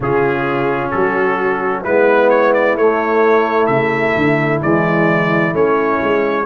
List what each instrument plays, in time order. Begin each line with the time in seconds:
0.00 tuba C#3, trombone C#4, horn F4, trumpet G#4
0.91 tuba F#3, horn F#4, trumpet A4
1.83 tuba G#3, trombone B3, horn E4, trumpet B4
2.29 trumpet C#5
2.53 trumpet D5
2.75 tuba A3, trombone A3, trumpet C#5
3.66 tuba C#3, trumpet E5
4.16 tuba D3
4.61 tuba E3, trombone G#3, trumpet D5
5.52 tuba A3, trombone C#4, trumpet C#5
6.02 tuba G#3